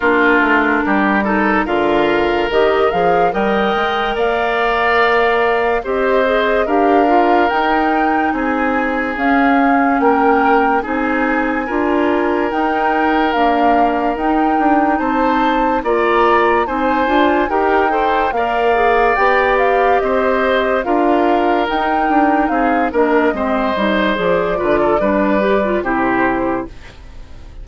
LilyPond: <<
  \new Staff \with { instrumentName = "flute" } { \time 4/4 \tempo 4 = 72 ais'2 f''4 dis''8 f''8 | g''4 f''2 dis''4 | f''4 g''4 gis''4 f''4 | g''4 gis''2 g''4 |
f''4 g''4 a''4 ais''4 | gis''4 g''4 f''4 g''8 f''8 | dis''4 f''4 g''4 f''8 dis''8~ | dis''4 d''2 c''4 | }
  \new Staff \with { instrumentName = "oboe" } { \time 4/4 f'4 g'8 a'8 ais'2 | dis''4 d''2 c''4 | ais'2 gis'2 | ais'4 gis'4 ais'2~ |
ais'2 c''4 d''4 | c''4 ais'8 c''8 d''2 | c''4 ais'2 gis'8 ais'8 | c''4. b'16 a'16 b'4 g'4 | }
  \new Staff \with { instrumentName = "clarinet" } { \time 4/4 d'4. dis'8 f'4 g'8 gis'8 | ais'2. g'8 gis'8 | g'8 f'8 dis'2 cis'4~ | cis'4 dis'4 f'4 dis'4 |
ais4 dis'2 f'4 | dis'8 f'8 g'8 a'8 ais'8 gis'8 g'4~ | g'4 f'4 dis'4. d'8 | c'8 dis'8 gis'8 f'8 d'8 g'16 f'16 e'4 | }
  \new Staff \with { instrumentName = "bassoon" } { \time 4/4 ais8 a8 g4 d4 dis8 f8 | g8 gis8 ais2 c'4 | d'4 dis'4 c'4 cis'4 | ais4 c'4 d'4 dis'4 |
d'4 dis'8 d'8 c'4 ais4 | c'8 d'8 dis'4 ais4 b4 | c'4 d'4 dis'8 d'8 c'8 ais8 | gis8 g8 f8 d8 g4 c4 | }
>>